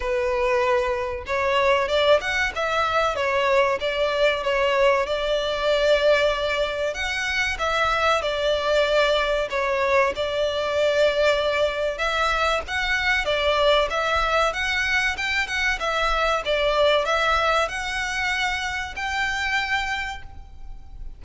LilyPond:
\new Staff \with { instrumentName = "violin" } { \time 4/4 \tempo 4 = 95 b'2 cis''4 d''8 fis''8 | e''4 cis''4 d''4 cis''4 | d''2. fis''4 | e''4 d''2 cis''4 |
d''2. e''4 | fis''4 d''4 e''4 fis''4 | g''8 fis''8 e''4 d''4 e''4 | fis''2 g''2 | }